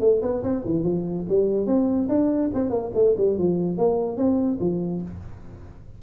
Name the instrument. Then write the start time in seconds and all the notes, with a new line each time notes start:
tuba
0.00 A3
0.22 B3
0.43 C4
0.65 E3
0.84 F3
1.29 G3
1.66 C4
2.09 D4
2.54 C4
2.70 A#3
2.94 A3
3.17 G3
3.38 F3
3.77 A#3
4.17 C4
4.60 F3